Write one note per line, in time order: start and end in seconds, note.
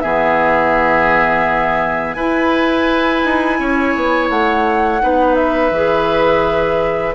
0.00 2.15 E3
0.00 2.18 B3
0.00 2.16 G#4
0.00 2.13 E5
2.13 3.22 E4
2.13 5.00 E4
2.13 3.59 B4
2.13 4.28 G#5
3.25 3.59 D#4
3.59 3.95 C#4
3.59 5.02 C#5
3.95 4.30 B3
4.30 5.01 A3
4.30 5.35 F#5
5.00 5.71 B3
5.00 5.72 D#4
5.00 7.15 B4
5.35 7.14 E5
5.71 7.14 E3
5.71 7.15 G#4